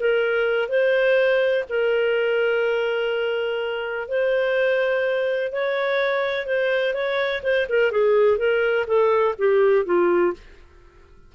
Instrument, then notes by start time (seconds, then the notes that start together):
clarinet
0.00 A#4
0.69 C5
1.69 A#4
4.08 C5
5.52 C#5
6.46 C5
6.94 C#5
7.43 C5
7.69 A#4
7.92 G#4
8.38 A#4
8.87 A4
9.38 G4
9.86 F4